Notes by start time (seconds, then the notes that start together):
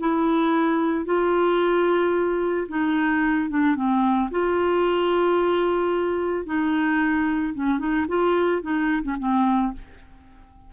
0.00 E4
1.05 F4
2.69 D#4
3.50 D4
3.76 C4
4.31 F4
6.46 D#4
7.54 C#4
7.79 D#4
8.08 F4
8.62 D#4
9.03 C#4
9.19 C4